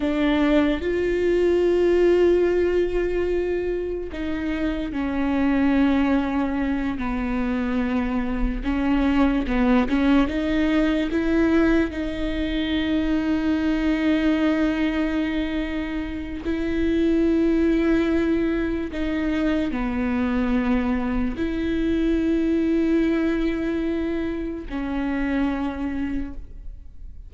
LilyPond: \new Staff \with { instrumentName = "viola" } { \time 4/4 \tempo 4 = 73 d'4 f'2.~ | f'4 dis'4 cis'2~ | cis'8 b2 cis'4 b8 | cis'8 dis'4 e'4 dis'4.~ |
dis'1 | e'2. dis'4 | b2 e'2~ | e'2 cis'2 | }